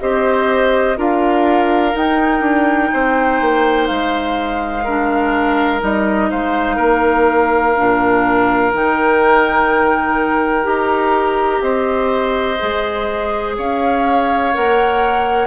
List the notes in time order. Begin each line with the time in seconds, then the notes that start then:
0.00 C4 G4 C5 D#5
0.97 D4 F4 A#4 F5
1.92 D#4 G5
2.41 D4
2.93 C4 C5
3.41 A#3
3.87 G#3 F5
4.84 D4 A#4
5.80 G3 D#4 D#5
6.30 G#3 C5 F5
6.76 A#3 A#4
7.77 A#2 D4
8.73 D#3 D#4 G5
10.63 D#4 G4 A#5
11.61 C4 C5 D#5
12.59 G#3 G#4
13.57 C#4 C#5 F5
14.54 A#3 A#4 F#5